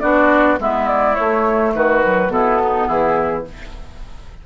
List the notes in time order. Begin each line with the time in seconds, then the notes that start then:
0.00 B3 D4 F#4 D5
0.59 G#3 B3 E4 E5
0.87 D5
1.15 A3 C#5
1.74 D#3 F#4 B4
2.04 F#3
2.28 B2 B3 E4 A4
2.64 D#4
2.87 E3 E4 G#4